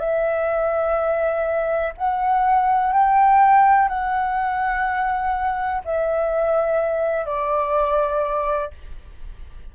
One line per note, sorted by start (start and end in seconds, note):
0.00 1.94 E5
1.98 2.93 F#5
2.93 3.89 G5
3.89 5.82 F#5
5.85 7.26 E5
7.26 8.71 D5